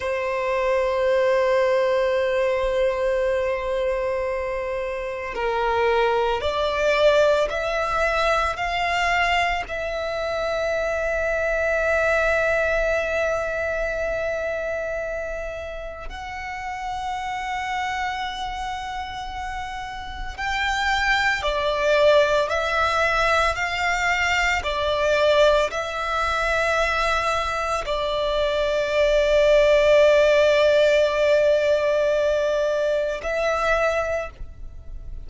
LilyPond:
\new Staff \with { instrumentName = "violin" } { \time 4/4 \tempo 4 = 56 c''1~ | c''4 ais'4 d''4 e''4 | f''4 e''2.~ | e''2. fis''4~ |
fis''2. g''4 | d''4 e''4 f''4 d''4 | e''2 d''2~ | d''2. e''4 | }